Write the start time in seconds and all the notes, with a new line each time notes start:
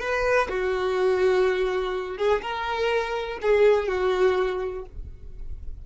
0.00 B4
0.49 F#4
2.18 G#4
2.42 A#4
3.42 G#4
3.88 F#4